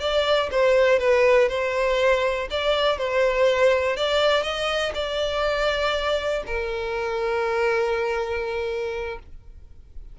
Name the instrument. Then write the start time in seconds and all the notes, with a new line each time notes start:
violin
0.00 D5
0.51 C5
0.99 B4
1.49 C5
2.50 D5
2.98 C5
3.96 D5
4.43 D#5
4.95 D5
6.46 A#4